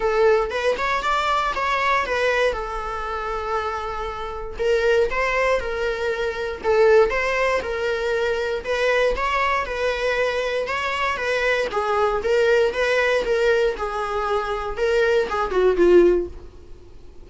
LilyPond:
\new Staff \with { instrumentName = "viola" } { \time 4/4 \tempo 4 = 118 a'4 b'8 cis''8 d''4 cis''4 | b'4 a'2.~ | a'4 ais'4 c''4 ais'4~ | ais'4 a'4 c''4 ais'4~ |
ais'4 b'4 cis''4 b'4~ | b'4 cis''4 b'4 gis'4 | ais'4 b'4 ais'4 gis'4~ | gis'4 ais'4 gis'8 fis'8 f'4 | }